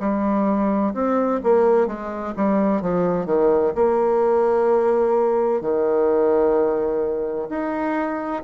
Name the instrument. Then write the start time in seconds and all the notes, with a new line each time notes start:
bassoon
0.00 G3
0.94 C4
1.44 A#3
1.87 G#3
2.37 G3
2.81 F3
3.26 D#3
3.75 A#3
5.61 D#3
7.50 D#4